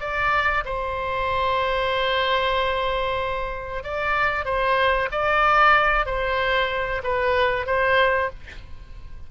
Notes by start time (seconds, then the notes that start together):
0.00 D5
0.65 C5
3.83 D5
4.45 C5
5.11 D5
6.06 C5
7.03 B4
7.66 C5